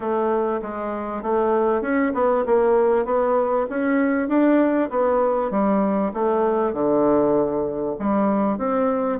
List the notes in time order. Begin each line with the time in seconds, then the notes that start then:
0.00 A3
0.62 G#3
1.22 A3
1.81 C#4
2.14 B3
2.46 A#3
3.05 B3
3.69 C#4
4.28 D4
4.90 B3
5.50 G3
6.13 A3
6.73 D3
7.99 G3
8.57 C4